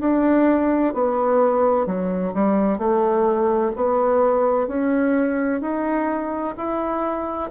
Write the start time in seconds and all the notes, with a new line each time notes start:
0.00 D4
0.94 B3
1.86 F#3
2.34 G3
2.78 A3
3.76 B3
4.67 C#4
5.61 D#4
6.57 E4